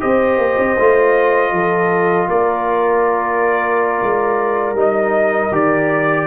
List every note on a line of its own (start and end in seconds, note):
0.00 0.38 C4
0.00 0.76 G4
0.00 1.53 C5
0.00 2.29 D#5
0.38 0.57 A#3
0.57 0.76 C4
0.79 1.51 A3
0.79 4.76 F4
1.51 2.27 F3
1.51 2.28 A4
2.28 4.01 A#3
2.28 6.27 A#4
2.28 4.76 D5
4.02 4.73 G#3
4.73 5.49 G3
4.73 5.52 D#4
4.80 5.54 D#5
5.51 6.27 D#3
5.51 6.27 G4
5.51 6.27 D5